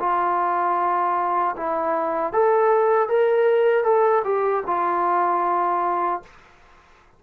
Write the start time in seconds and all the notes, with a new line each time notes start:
0.00 F4
1.57 E4
2.33 A4
3.09 A#4
3.84 A4
4.25 G4
4.67 F4